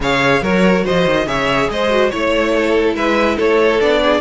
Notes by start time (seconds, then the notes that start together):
0.00 C#3 G#4 C#5 F5
0.41 F#3 F#4 A#4 C#5
0.84 F3 C5 D#5
1.05 D#3
1.26 C#3 G#4 C#5 E5
1.69 G#3 C5 D#5
1.89 F#4
2.09 A3 E4 C#5
2.56 A4
2.94 G#3 B4 E5
3.36 A3 A4 C#5
3.80 B3 D4 D5
4.02 G#4